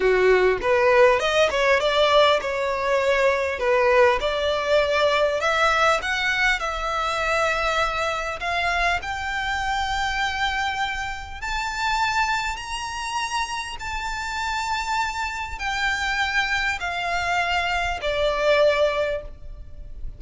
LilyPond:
\new Staff \with { instrumentName = "violin" } { \time 4/4 \tempo 4 = 100 fis'4 b'4 dis''8 cis''8 d''4 | cis''2 b'4 d''4~ | d''4 e''4 fis''4 e''4~ | e''2 f''4 g''4~ |
g''2. a''4~ | a''4 ais''2 a''4~ | a''2 g''2 | f''2 d''2 | }